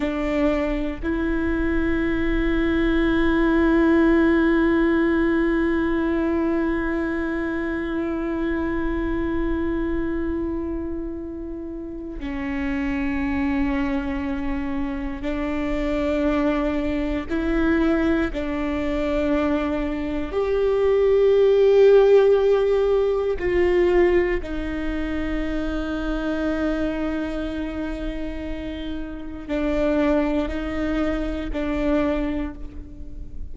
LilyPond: \new Staff \with { instrumentName = "viola" } { \time 4/4 \tempo 4 = 59 d'4 e'2.~ | e'1~ | e'1 | cis'2. d'4~ |
d'4 e'4 d'2 | g'2. f'4 | dis'1~ | dis'4 d'4 dis'4 d'4 | }